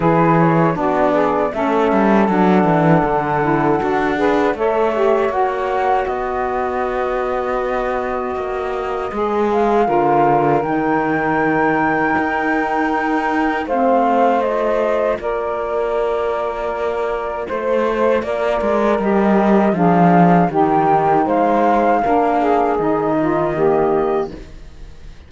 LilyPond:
<<
  \new Staff \with { instrumentName = "flute" } { \time 4/4 \tempo 4 = 79 b'8 cis''8 d''4 e''4 fis''4~ | fis''2 e''4 fis''4 | dis''1~ | dis''8 f''4. g''2~ |
g''2 f''4 dis''4 | d''2. c''4 | d''4 dis''4 f''4 g''4 | f''2 dis''2 | }
  \new Staff \with { instrumentName = "saxophone" } { \time 4/4 gis'4 fis'8 gis'8 a'2~ | a'4. b'8 cis''2 | b'1~ | b'4 ais'2.~ |
ais'2 c''2 | ais'2. c''4 | ais'2 gis'4 g'4 | c''4 ais'8 gis'4 f'8 g'4 | }
  \new Staff \with { instrumentName = "saxophone" } { \time 4/4 e'4 d'4 cis'4 d'4~ | d'8 e'8 fis'8 gis'8 a'8 g'8 fis'4~ | fis'1 | gis'4 f'4 dis'2~ |
dis'2 c'4 f'4~ | f'1~ | f'4 g'4 d'4 dis'4~ | dis'4 d'4 dis'4 ais4 | }
  \new Staff \with { instrumentName = "cello" } { \time 4/4 e4 b4 a8 g8 fis8 e8 | d4 d'4 a4 ais4 | b2. ais4 | gis4 d4 dis2 |
dis'2 a2 | ais2. a4 | ais8 gis8 g4 f4 dis4 | gis4 ais4 dis2 | }
>>